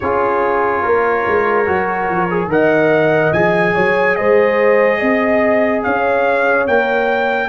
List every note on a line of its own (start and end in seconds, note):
0.00 0.84 C#4
0.00 1.66 F4
0.00 0.82 G#4
0.00 2.49 C#5
0.82 1.26 A#3
0.82 2.49 A#4
1.27 1.68 G#3
1.66 2.09 F#3
1.66 2.28 F#4
2.09 2.47 F3
2.30 2.49 G#4
2.47 3.30 D#3
2.47 3.33 A#4
2.47 3.74 D#5
2.47 3.32 F#5
3.32 3.74 F3
3.32 6.68 G#4
3.32 4.15 G#5
3.74 4.18 F#3
3.74 4.16 C#5
4.15 5.01 G#3
4.15 4.99 C5
4.15 5.82 D#5
4.99 5.84 C4
4.99 5.82 D#5
5.83 6.68 C#4
5.83 7.49 C#5
5.83 6.66 F5
6.67 7.49 A#3
6.67 7.49 A#4
6.67 7.49 G5